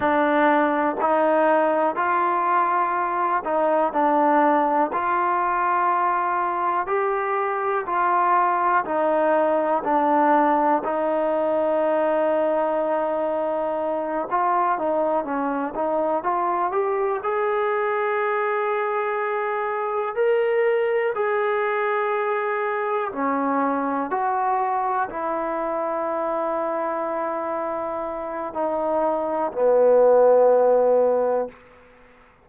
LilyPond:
\new Staff \with { instrumentName = "trombone" } { \time 4/4 \tempo 4 = 61 d'4 dis'4 f'4. dis'8 | d'4 f'2 g'4 | f'4 dis'4 d'4 dis'4~ | dis'2~ dis'8 f'8 dis'8 cis'8 |
dis'8 f'8 g'8 gis'2~ gis'8~ | gis'8 ais'4 gis'2 cis'8~ | cis'8 fis'4 e'2~ e'8~ | e'4 dis'4 b2 | }